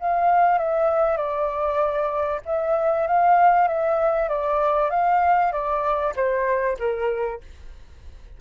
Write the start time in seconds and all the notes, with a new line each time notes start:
0.00 F5
0.58 E5
1.18 D5
2.46 E5
3.07 F5
3.68 E5
4.29 D5
4.91 F5
5.52 D5
6.16 C5
6.79 A#4